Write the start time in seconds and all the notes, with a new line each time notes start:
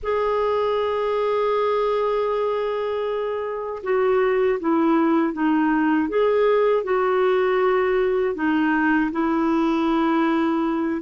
0.02 G#4
3.83 F#4
4.59 E4
5.33 D#4
6.08 G#4
6.83 F#4
8.34 D#4
9.11 E4